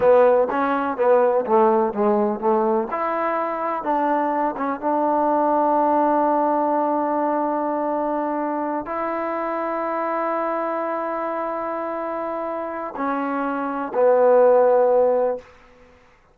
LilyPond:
\new Staff \with { instrumentName = "trombone" } { \time 4/4 \tempo 4 = 125 b4 cis'4 b4 a4 | gis4 a4 e'2 | d'4. cis'8 d'2~ | d'1~ |
d'2~ d'8 e'4.~ | e'1~ | e'2. cis'4~ | cis'4 b2. | }